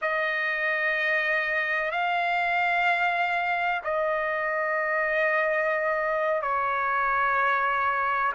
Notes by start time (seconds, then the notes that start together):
0.01 D#5
1.90 F5
3.84 D#5
6.42 C#5